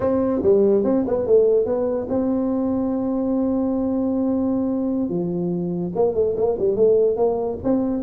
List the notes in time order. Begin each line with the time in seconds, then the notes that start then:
0.00 C4
0.42 G3
0.84 C4
1.07 B3
1.26 A3
1.65 B3
2.09 C4
5.09 F3
5.95 A#3
6.14 A3
6.37 A#3
6.59 G3
6.75 A3
7.16 A#3
7.63 C4